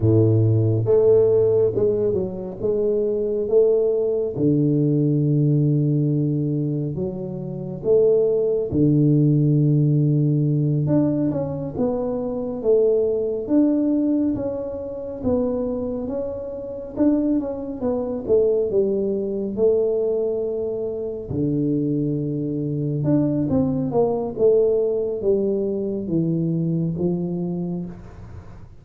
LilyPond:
\new Staff \with { instrumentName = "tuba" } { \time 4/4 \tempo 4 = 69 a,4 a4 gis8 fis8 gis4 | a4 d2. | fis4 a4 d2~ | d8 d'8 cis'8 b4 a4 d'8~ |
d'8 cis'4 b4 cis'4 d'8 | cis'8 b8 a8 g4 a4.~ | a8 d2 d'8 c'8 ais8 | a4 g4 e4 f4 | }